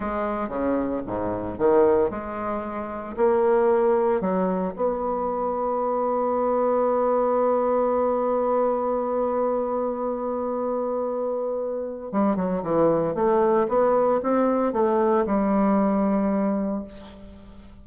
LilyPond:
\new Staff \with { instrumentName = "bassoon" } { \time 4/4 \tempo 4 = 114 gis4 cis4 gis,4 dis4 | gis2 ais2 | fis4 b2.~ | b1~ |
b1~ | b2. g8 fis8 | e4 a4 b4 c'4 | a4 g2. | }